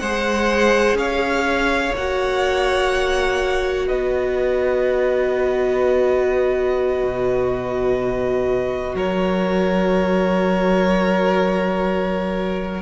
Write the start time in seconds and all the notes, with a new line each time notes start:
0.00 G#3 G#4 C5 F#5
0.95 C#4 C#5 F5
1.96 A#3 F#4 F#5
3.87 B3 B4 D#5
7.03 B2
8.95 F#3 A#4 C#5